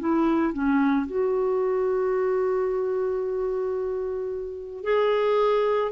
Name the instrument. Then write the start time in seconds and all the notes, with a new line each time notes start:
clarinet
0.00 E4
0.54 C#4
1.07 F#4
4.84 G#4